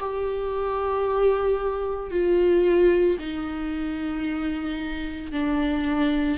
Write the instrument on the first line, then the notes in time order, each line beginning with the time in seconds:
viola
0.00 G4
2.11 F4
3.19 D#4
5.32 D4